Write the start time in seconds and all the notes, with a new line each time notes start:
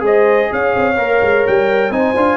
0.00 G#3 G#4 C5
0.06 D#5
0.52 C#4 C#5 F5
0.76 C4
0.98 A#3 A#4
1.23 G#3
1.47 G3 G5
1.90 C4 D#4 C5 G#5
2.17 D4 F4